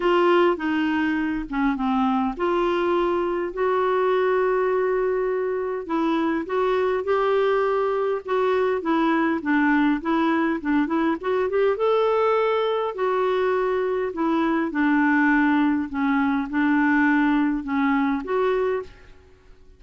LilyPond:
\new Staff \with { instrumentName = "clarinet" } { \time 4/4 \tempo 4 = 102 f'4 dis'4. cis'8 c'4 | f'2 fis'2~ | fis'2 e'4 fis'4 | g'2 fis'4 e'4 |
d'4 e'4 d'8 e'8 fis'8 g'8 | a'2 fis'2 | e'4 d'2 cis'4 | d'2 cis'4 fis'4 | }